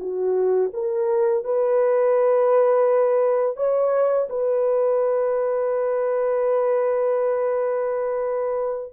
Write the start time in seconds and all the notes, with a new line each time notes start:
0.00 F#4
0.74 A#4
1.45 B4
3.57 C#5
4.30 B4